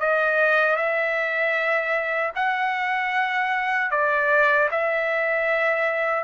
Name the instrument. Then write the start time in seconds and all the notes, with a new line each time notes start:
trumpet
0.00 D#5
0.77 E5
2.36 F#5
3.91 D5
4.71 E5